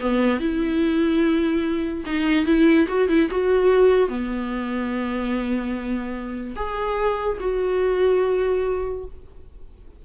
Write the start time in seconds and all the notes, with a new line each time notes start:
0.00 B3
0.39 E4
2.06 D#4
2.46 E4
2.88 F#4
3.09 E4
3.30 F#4
4.08 B3
6.56 G#4
7.40 F#4